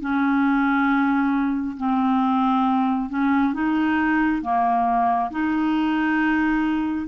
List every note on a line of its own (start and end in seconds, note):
0.00 1.76 C#4
1.77 3.09 C4
3.09 3.53 C#4
3.53 4.42 D#4
4.42 5.30 A#3
5.31 7.07 D#4